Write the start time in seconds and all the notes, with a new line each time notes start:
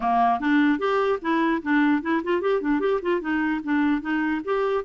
0.00 A#3
0.40 D4
0.79 G4
1.21 E4
1.62 D4
2.01 E4
2.23 F4
2.41 G4
2.61 D4
2.80 G4
3.02 F4
3.20 D#4
3.63 D4
4.01 D#4
4.44 G4